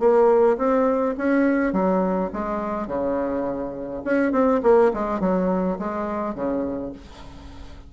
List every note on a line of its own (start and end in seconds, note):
0.00 0.58 A#3
0.58 1.16 C4
1.18 1.73 C#4
1.73 2.31 F#3
2.33 2.87 G#3
2.87 4.03 C#3
4.05 4.32 C#4
4.32 4.61 C4
4.63 4.92 A#3
4.94 5.21 G#3
5.21 5.78 F#3
5.79 6.35 G#3
6.35 6.93 C#3